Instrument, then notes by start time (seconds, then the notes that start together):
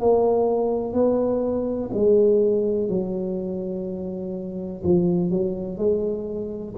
tuba
0.00 A#3
0.93 B3
1.94 G#3
2.89 F#3
4.84 F3
5.30 F#3
5.78 G#3